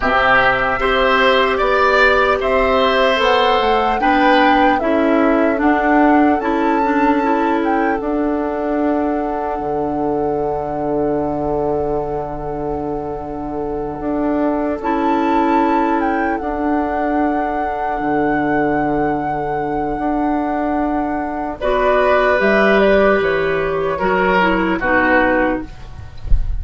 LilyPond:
<<
  \new Staff \with { instrumentName = "flute" } { \time 4/4 \tempo 4 = 75 e''2 d''4 e''4 | fis''4 g''4 e''4 fis''4 | a''4. g''8 fis''2~ | fis''1~ |
fis''2~ fis''8 a''4. | g''8 fis''2.~ fis''8~ | fis''2. d''4 | e''8 d''8 cis''2 b'4 | }
  \new Staff \with { instrumentName = "oboe" } { \time 4/4 g'4 c''4 d''4 c''4~ | c''4 b'4 a'2~ | a'1~ | a'1~ |
a'1~ | a'1~ | a'2. b'4~ | b'2 ais'4 fis'4 | }
  \new Staff \with { instrumentName = "clarinet" } { \time 4/4 c'4 g'2. | a'4 d'4 e'4 d'4 | e'8 d'8 e'4 d'2~ | d'1~ |
d'2~ d'8 e'4.~ | e'8 d'2.~ d'8~ | d'2. fis'4 | g'2 fis'8 e'8 dis'4 | }
  \new Staff \with { instrumentName = "bassoon" } { \time 4/4 c4 c'4 b4 c'4 | b8 a8 b4 cis'4 d'4 | cis'2 d'2 | d1~ |
d4. d'4 cis'4.~ | cis'8 d'2 d4.~ | d4 d'2 b4 | g4 e4 fis4 b,4 | }
>>